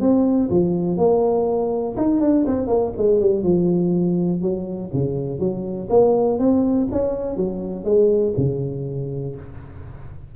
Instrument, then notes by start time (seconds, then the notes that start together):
tuba
0.00 C4
0.50 F3
0.97 A#3
1.96 D#4
2.21 D4
2.46 C4
2.67 A#3
2.97 G#3
3.20 G3
3.43 F3
4.42 F#3
4.93 C#3
5.39 F#3
5.89 A#3
6.39 C4
6.91 C#4
7.36 F#3
7.84 G#3
8.37 C#3